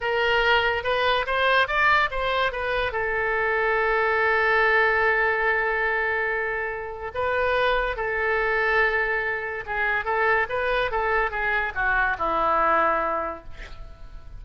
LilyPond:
\new Staff \with { instrumentName = "oboe" } { \time 4/4 \tempo 4 = 143 ais'2 b'4 c''4 | d''4 c''4 b'4 a'4~ | a'1~ | a'1~ |
a'4 b'2 a'4~ | a'2. gis'4 | a'4 b'4 a'4 gis'4 | fis'4 e'2. | }